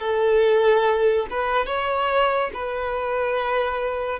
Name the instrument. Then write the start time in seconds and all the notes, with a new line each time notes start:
violin
0.00 A4
1.31 B4
1.67 C#5
2.54 B4